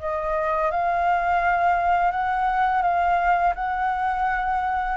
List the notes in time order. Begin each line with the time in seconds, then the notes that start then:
0.00 D#5
0.71 F5
2.12 F#5
2.83 F5
3.55 F#5